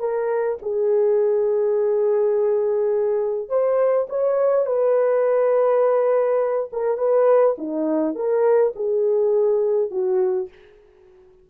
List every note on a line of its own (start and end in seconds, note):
0.00 0.58 A#4
0.62 3.49 G#4
3.49 4.08 C5
4.10 4.66 C#5
4.66 6.70 B4
6.73 6.98 A#4
6.98 7.56 B4
7.59 8.16 D#4
8.16 8.74 A#4
8.76 9.91 G#4
9.91 10.49 F#4